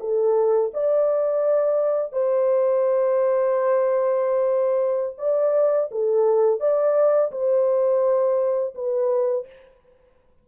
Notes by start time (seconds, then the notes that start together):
0.00 A4
0.73 D5
2.12 C5
5.18 D5
5.91 A4
6.60 D5
7.32 C5
8.75 B4